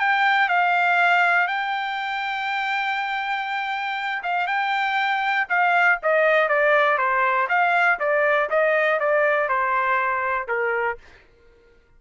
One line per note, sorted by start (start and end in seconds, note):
0.00 0.49 G5
0.49 1.48 F5
1.48 4.23 G5
4.24 4.47 F5
4.47 5.47 G5
5.49 5.99 F5
6.03 6.49 D#5
6.49 6.98 D5
6.98 7.48 C5
7.49 7.99 F5
8.00 8.50 D5
8.50 9.00 D#5
9.00 9.49 D5
9.49 10.48 C5
10.48 10.98 A#4